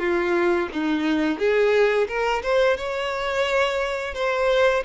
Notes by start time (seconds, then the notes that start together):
0.00 F4
0.73 D#4
1.39 G#4
2.08 A#4
2.43 C5
2.77 C#5
4.15 C5